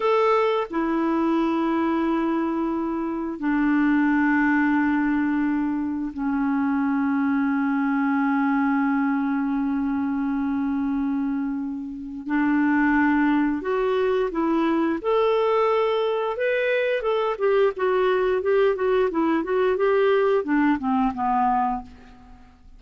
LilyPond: \new Staff \with { instrumentName = "clarinet" } { \time 4/4 \tempo 4 = 88 a'4 e'2.~ | e'4 d'2.~ | d'4 cis'2.~ | cis'1~ |
cis'2 d'2 | fis'4 e'4 a'2 | b'4 a'8 g'8 fis'4 g'8 fis'8 | e'8 fis'8 g'4 d'8 c'8 b4 | }